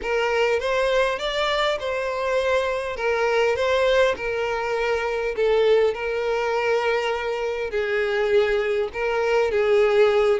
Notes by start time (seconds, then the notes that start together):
0.02 A#4
0.59 C5
1.19 D5
1.79 C5
2.96 A#4
3.56 C5
4.16 A#4
5.35 A4
5.94 A#4
7.70 G#4
8.93 A#4
9.50 G#4